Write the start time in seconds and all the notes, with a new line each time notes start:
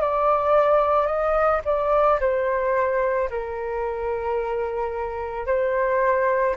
0.00 D5
1.06 D#5
1.65 D5
2.20 C5
3.30 A#4
5.46 C5